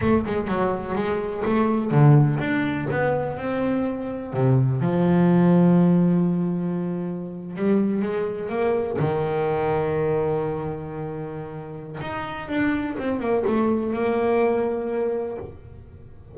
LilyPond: \new Staff \with { instrumentName = "double bass" } { \time 4/4 \tempo 4 = 125 a8 gis8 fis4 gis4 a4 | d4 d'4 b4 c'4~ | c'4 c4 f2~ | f2.~ f8. g16~ |
g8. gis4 ais4 dis4~ dis16~ | dis1~ | dis4 dis'4 d'4 c'8 ais8 | a4 ais2. | }